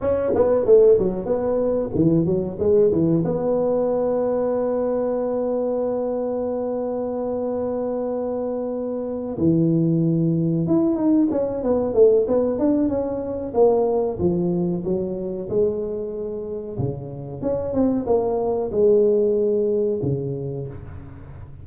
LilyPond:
\new Staff \with { instrumentName = "tuba" } { \time 4/4 \tempo 4 = 93 cis'8 b8 a8 fis8 b4 e8 fis8 | gis8 e8 b2.~ | b1~ | b2~ b8 e4.~ |
e8 e'8 dis'8 cis'8 b8 a8 b8 d'8 | cis'4 ais4 f4 fis4 | gis2 cis4 cis'8 c'8 | ais4 gis2 cis4 | }